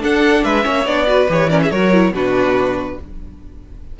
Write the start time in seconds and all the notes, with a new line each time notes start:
0.00 D4 A4 F#5
0.44 G#3 B4 E5
0.63 A#3 C#4 C#5
0.86 B3 D4 D5
1.07 F#4 B4
1.29 E3 G4 C#5
1.50 C#4 A#4 D5
1.63 G#4 E5
1.71 F#3 F#4 A#4 C#5
1.93 E4
2.11 B2 D4 F#4 B4